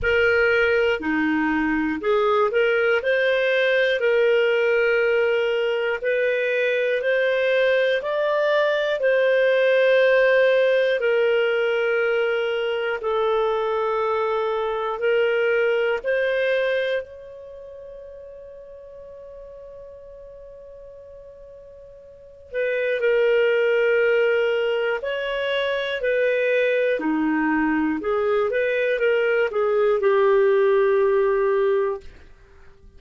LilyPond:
\new Staff \with { instrumentName = "clarinet" } { \time 4/4 \tempo 4 = 60 ais'4 dis'4 gis'8 ais'8 c''4 | ais'2 b'4 c''4 | d''4 c''2 ais'4~ | ais'4 a'2 ais'4 |
c''4 cis''2.~ | cis''2~ cis''8 b'8 ais'4~ | ais'4 cis''4 b'4 dis'4 | gis'8 b'8 ais'8 gis'8 g'2 | }